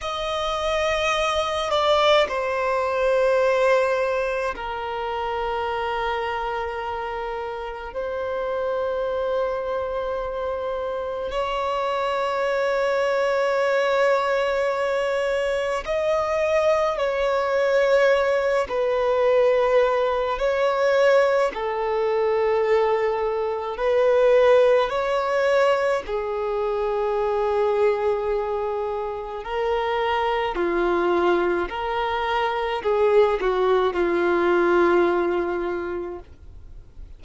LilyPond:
\new Staff \with { instrumentName = "violin" } { \time 4/4 \tempo 4 = 53 dis''4. d''8 c''2 | ais'2. c''4~ | c''2 cis''2~ | cis''2 dis''4 cis''4~ |
cis''8 b'4. cis''4 a'4~ | a'4 b'4 cis''4 gis'4~ | gis'2 ais'4 f'4 | ais'4 gis'8 fis'8 f'2 | }